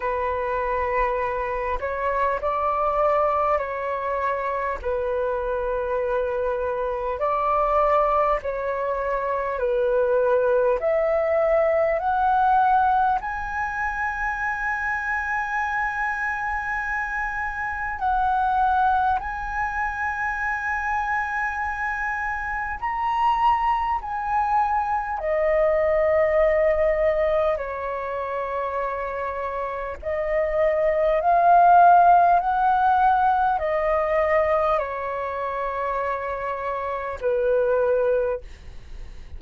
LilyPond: \new Staff \with { instrumentName = "flute" } { \time 4/4 \tempo 4 = 50 b'4. cis''8 d''4 cis''4 | b'2 d''4 cis''4 | b'4 e''4 fis''4 gis''4~ | gis''2. fis''4 |
gis''2. ais''4 | gis''4 dis''2 cis''4~ | cis''4 dis''4 f''4 fis''4 | dis''4 cis''2 b'4 | }